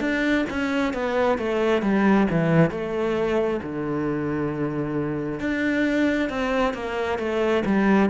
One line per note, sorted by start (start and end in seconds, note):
0.00 0.45 D4
0.50 0.93 C#4
0.93 1.38 B3
1.38 1.82 A3
1.82 2.27 G3
2.30 2.70 E3
2.70 3.60 A3
3.62 5.40 D3
5.40 6.29 D4
6.29 6.74 C4
6.74 7.18 A#3
7.18 7.63 A3
7.65 8.09 G3